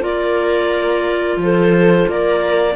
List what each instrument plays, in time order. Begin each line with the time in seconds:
0.00 cello A#3, clarinet F4 D5, viola A#4
1.37 cello F3, viola A4
1.43 clarinet C5
2.08 cello A#3, viola A#4, clarinet D5